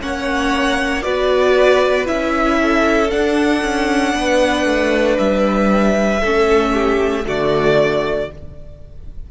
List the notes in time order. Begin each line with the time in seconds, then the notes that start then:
0.00 A#3 C#4 C#5 F#5
1.02 B3 F#4 B4 D5
2.05 C#4 E4 E5
2.62 A4
3.10 D4 F#5
3.62 C#4
4.14 B3 B4
4.65 A3
5.18 G3 E5
6.21 A3 C#4 A4
6.73 G4
7.23 D3 A3 F#4 D5